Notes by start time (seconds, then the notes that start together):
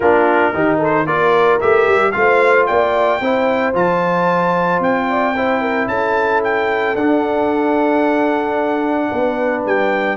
0.00 A#3 D4 F4 A#4
0.53 D#3 D#4 G4
0.78 A4 C5
1.05 A#3 F4 A#4 D5
1.60 A3 G4 E5
1.87 G3
2.11 A3 F4 F5
2.18 C5
2.66 A#3 D5 G5
3.20 C4 E4 C5
3.74 F3 F4 A5
4.79 C4 G5
5.09 D5
5.36 E4 C5
5.61 A#4
5.87 C#4 A4 A5
6.43 G5
6.95 D4 F#5
9.11 B3 B4
9.65 G3 G5